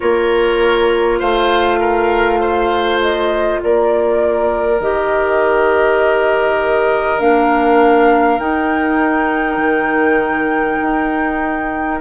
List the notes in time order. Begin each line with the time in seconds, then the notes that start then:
0.00 A#3 F4 A#4 C#5
1.19 A3 C5 F5
1.79 A#4
2.40 C5
3.00 D#5
3.62 A#3 A#4 D5
4.79 D#3 G4 D#5
7.19 A#3 D4 F5
8.39 D#4 G5
9.56 D#3
10.81 D#4